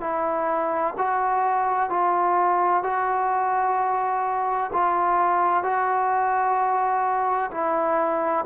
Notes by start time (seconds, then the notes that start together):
0.00 E4
0.98 F#4
1.89 F4
2.83 F#4
4.73 F4
5.63 F#4
7.51 E4